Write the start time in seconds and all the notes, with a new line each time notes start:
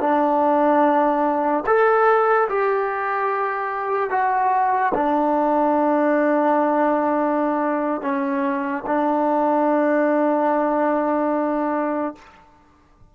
0.00 D4
1.66 A4
2.49 G4
4.10 F#4
4.94 D4
8.01 C#4
8.86 D4